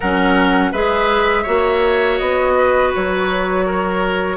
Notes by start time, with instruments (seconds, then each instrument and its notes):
0.00 bassoon F#3, clarinet C#4, oboe A#4, flute F#5
0.71 bassoon G#3, clarinet G#4, oboe B4, flute E5
1.42 bassoon A#3, clarinet F#4, oboe C#5
2.18 bassoon B3, flute D#5
2.57 oboe B4
2.95 bassoon F#3, flute C#5
3.65 oboe A#4